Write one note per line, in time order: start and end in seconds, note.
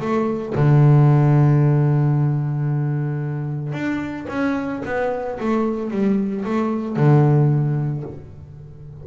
0.00 0.54 A3
0.55 3.73 D3
3.73 4.26 D4
4.29 4.82 C#4
4.85 5.39 B3
5.40 5.91 A3
5.91 6.44 G3
6.45 6.96 A3
6.96 8.03 D3